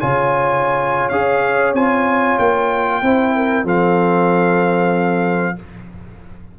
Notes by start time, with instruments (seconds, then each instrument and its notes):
0.00 tuba C#3, trombone F4, horn C#5, trumpet G#5
1.09 tuba C#4, trombone G#4, trumpet F5
1.73 tuba C4, trombone F4, trumpet G#5
2.39 tuba A#3, trumpet G5
3.02 tuba C4, trombone E4, horn C5
3.36 horn A#4
3.64 tuba F3, trombone C4, horn A4, trumpet F5